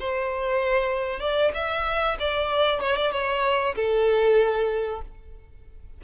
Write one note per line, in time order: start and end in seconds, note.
0.00 1.20 C5
1.20 1.52 D5
1.54 2.18 E5
2.20 2.81 D5
2.81 2.96 C#5
2.96 3.12 D5
3.12 3.75 C#5
3.76 5.02 A4